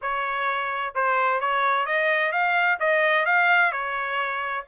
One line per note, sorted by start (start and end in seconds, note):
0.01 0.94 C#5
0.94 1.40 C5
1.40 1.86 C#5
1.86 2.32 D#5
2.32 2.78 F5
2.79 3.25 D#5
3.25 3.71 F5
3.71 4.64 C#5